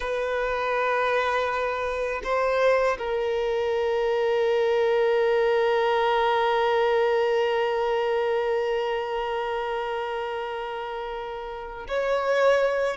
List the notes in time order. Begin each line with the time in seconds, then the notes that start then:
0.00 B4
2.23 C5
2.98 A#4
11.88 C#5